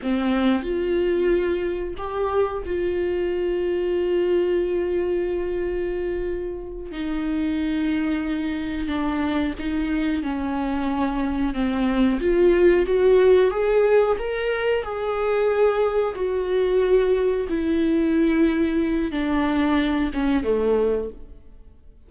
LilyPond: \new Staff \with { instrumentName = "viola" } { \time 4/4 \tempo 4 = 91 c'4 f'2 g'4 | f'1~ | f'2~ f'8 dis'4.~ | dis'4. d'4 dis'4 cis'8~ |
cis'4. c'4 f'4 fis'8~ | fis'8 gis'4 ais'4 gis'4.~ | gis'8 fis'2 e'4.~ | e'4 d'4. cis'8 a4 | }